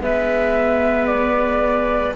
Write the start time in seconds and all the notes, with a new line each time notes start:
0.00 G#3 B3 B4 E5
1.06 D5